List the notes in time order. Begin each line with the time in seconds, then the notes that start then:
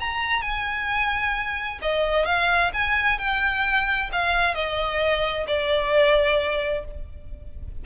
0.00 A#5
0.42 G#5
1.82 D#5
2.25 F5
2.73 G#5
3.19 G5
4.12 F5
4.55 D#5
5.47 D5